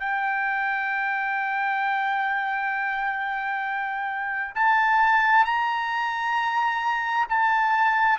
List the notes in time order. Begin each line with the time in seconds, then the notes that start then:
0.00 G5
4.55 A5
5.45 A#5
7.29 A5